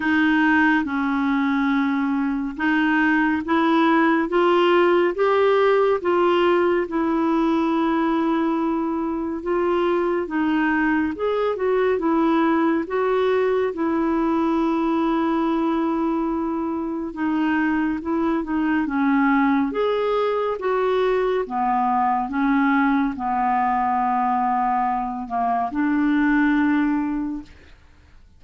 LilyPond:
\new Staff \with { instrumentName = "clarinet" } { \time 4/4 \tempo 4 = 70 dis'4 cis'2 dis'4 | e'4 f'4 g'4 f'4 | e'2. f'4 | dis'4 gis'8 fis'8 e'4 fis'4 |
e'1 | dis'4 e'8 dis'8 cis'4 gis'4 | fis'4 b4 cis'4 b4~ | b4. ais8 d'2 | }